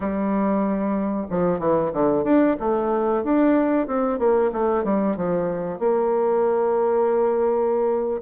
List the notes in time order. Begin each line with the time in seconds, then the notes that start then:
0.00 G3
1.30 F3
1.59 E3
1.92 D3
2.24 D4
2.59 A3
3.23 D4
3.87 C4
4.18 A#3
4.52 A3
4.84 G3
5.16 F3
5.79 A#3